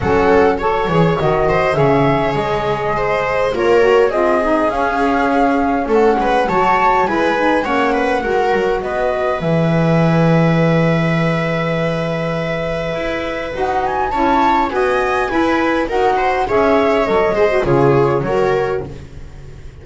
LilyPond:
<<
  \new Staff \with { instrumentName = "flute" } { \time 4/4 \tempo 4 = 102 fis''4 cis''4 dis''4 e''4 | dis''2 cis''4 dis''4 | f''2 fis''4 a''4 | gis''4 fis''2 dis''4 |
e''1~ | e''2. fis''8 gis''8 | a''4 gis''2 fis''4 | e''4 dis''4 cis''2 | }
  \new Staff \with { instrumentName = "viola" } { \time 4/4 a'4 cis''4. c''8 cis''4~ | cis''4 c''4 ais'4 gis'4~ | gis'2 a'8 b'8 cis''4 | b'4 cis''8 b'8 ais'4 b'4~ |
b'1~ | b'1 | cis''4 dis''4 b'4 ais'8 c''8 | cis''4. c''8 gis'4 ais'4 | }
  \new Staff \with { instrumentName = "saxophone" } { \time 4/4 cis'4 a'8 gis'8 fis'4 gis'4~ | gis'2 f'8 fis'8 f'8 dis'8 | cis'2. fis'4 | e'8 dis'8 cis'4 fis'2 |
gis'1~ | gis'2. fis'4 | e'4 fis'4 e'4 fis'4 | gis'4 a'8 gis'16 fis'16 f'4 fis'4 | }
  \new Staff \with { instrumentName = "double bass" } { \time 4/4 fis4. e8 dis4 cis4 | gis2 ais4 c'4 | cis'2 a8 gis8 fis4 | gis4 ais4 gis8 fis8 b4 |
e1~ | e2 e'4 dis'4 | cis'4 b4 e'4 dis'4 | cis'4 fis8 gis8 cis4 fis4 | }
>>